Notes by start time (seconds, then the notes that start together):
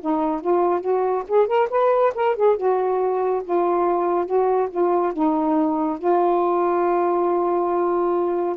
0.00 D#4
0.41 F4
0.81 F#4
1.28 G#4
1.47 A#4
1.70 B4
2.14 A#4
2.36 G#4
2.57 F#4
3.44 F4
4.25 F#4
4.70 F4
5.13 D#4
5.98 F4